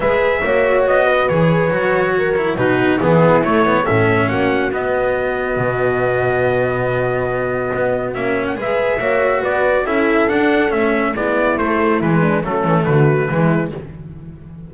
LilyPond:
<<
  \new Staff \with { instrumentName = "trumpet" } { \time 4/4 \tempo 4 = 140 e''2 dis''4 cis''4~ | cis''2 b'4 gis'4 | cis''4 e''4 fis''4 dis''4~ | dis''1~ |
dis''2. e''8. fis''16 | e''2 d''4 e''4 | fis''4 e''4 d''4 c''4 | b'4 a'4 b'2 | }
  \new Staff \with { instrumentName = "horn" } { \time 4/4 b'4 cis''4. b'4.~ | b'4 ais'4 fis'4 e'4~ | e'4 a'4 fis'2~ | fis'1~ |
fis'1 | b'4 cis''4 b'4 a'4~ | a'2 e'2~ | e'8 d'8 cis'4 fis'4 e'4 | }
  \new Staff \with { instrumentName = "cello" } { \time 4/4 gis'4 fis'2 gis'4 | fis'4. e'8 dis'4 b4 | a8 b8 cis'2 b4~ | b1~ |
b2. cis'4 | gis'4 fis'2 e'4 | d'4 cis'4 b4 a4 | gis4 a2 gis4 | }
  \new Staff \with { instrumentName = "double bass" } { \time 4/4 gis4 ais4 b4 e4 | fis2 b,4 e4 | a4 a,4 ais4 b4~ | b4 b,2.~ |
b,2 b4 ais4 | gis4 ais4 b4 cis'4 | d'4 a4 gis4 a4 | e4 fis8 e8 d4 e4 | }
>>